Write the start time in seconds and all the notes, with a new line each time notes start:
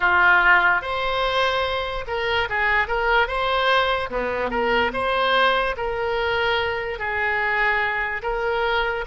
0.00 F4
0.81 C5
2.07 A#4
2.49 G#4
2.87 A#4
3.27 C5
4.09 B3
4.50 A#4
4.93 C5
5.76 A#4
6.99 G#4
8.22 A#4